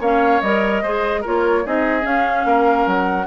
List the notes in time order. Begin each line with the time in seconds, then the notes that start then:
0.00 A#3 C#4 C#5 F5
0.41 G3 A#4 D#5
0.82 G#3 G#4 C5
1.21 A#3 F4 A#4 C#5
1.65 C4 D#4 G#4 D#5
2.01 C#4 F5
2.45 A#3 A#4
2.86 F#3 F#5